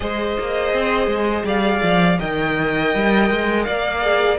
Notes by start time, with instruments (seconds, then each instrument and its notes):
0.00 cello G#3, viola G#4, violin C5 D#5
0.39 cello A#3
0.73 cello C4
1.06 cello G#3
1.43 cello G3, violin D5 F5
1.82 cello F3
2.19 cello D#3, viola A#4, violin D#5 G5
2.94 cello G3
3.30 cello G#3
3.64 cello A#3, violin D5 F5
4.02 viola G#4